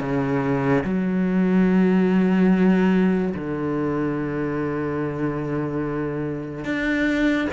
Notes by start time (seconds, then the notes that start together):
0.00 C#3
0.83 F#3
3.34 D3
6.64 D4